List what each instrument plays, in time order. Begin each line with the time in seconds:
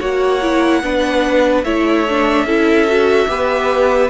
0.00 cello A#3, viola F#4, violin C#5 F#5
0.42 viola E4
0.83 cello B3, viola D4, violin B4
1.64 cello A3, viola E4, violin C#5 E5
2.09 viola D4
2.44 cello C#4, viola E4, violin A4
2.87 viola F#4
3.28 cello B3, viola G4, violin B4